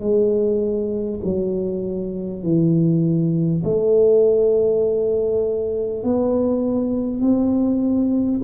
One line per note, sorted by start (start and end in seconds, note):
0.00 1.20 G#3
1.24 2.43 F#3
2.43 3.63 E3
3.64 6.03 A3
6.03 7.21 B3
7.21 8.41 C4